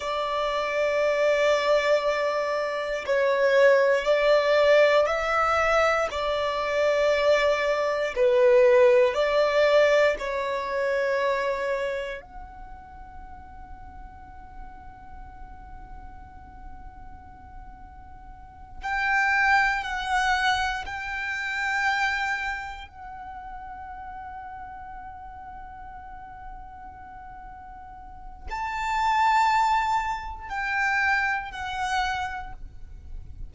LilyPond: \new Staff \with { instrumentName = "violin" } { \time 4/4 \tempo 4 = 59 d''2. cis''4 | d''4 e''4 d''2 | b'4 d''4 cis''2 | fis''1~ |
fis''2~ fis''8 g''4 fis''8~ | fis''8 g''2 fis''4.~ | fis''1 | a''2 g''4 fis''4 | }